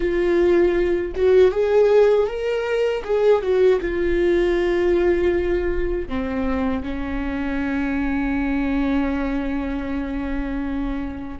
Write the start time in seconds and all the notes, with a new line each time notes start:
0.00 F4
1.15 F#4
1.51 G#4
2.27 A#4
3.04 G#4
3.42 F#4
3.80 F4
6.08 C4
6.82 C#4